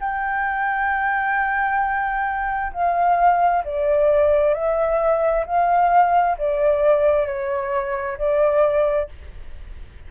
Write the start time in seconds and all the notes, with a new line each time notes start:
0.00 G5
2.73 F5
3.64 D5
4.54 E5
5.46 F5
6.38 D5
7.26 C#5
8.18 D5